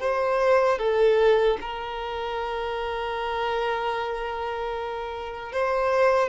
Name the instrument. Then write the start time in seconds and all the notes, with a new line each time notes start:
violin
0.00 C5
0.79 A4
1.61 A#4
5.53 C5